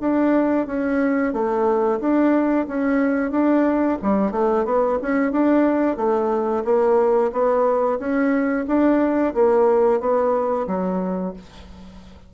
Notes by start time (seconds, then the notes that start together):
0.00 D4
0.66 C#4
1.32 A3
1.99 D4
2.68 C#4
3.31 D4
4.02 G3
4.31 A3
4.65 B3
5.02 C#4
5.32 D4
5.96 A3
6.64 A#3
7.32 B3
7.98 C#4
8.67 D4
9.34 A#3
10.00 B3
10.67 F#3